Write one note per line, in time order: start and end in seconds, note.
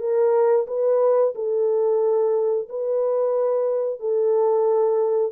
0.00 0.67 A#4
0.68 1.34 B4
1.35 2.69 A4
2.70 4.00 B4
4.00 5.33 A4